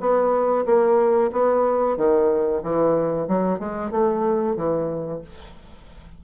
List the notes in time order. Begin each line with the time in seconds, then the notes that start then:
0.00 B3
0.66 A#3
1.32 B3
1.97 D#3
2.63 E3
3.28 F#3
3.59 G#3
3.91 A3
4.56 E3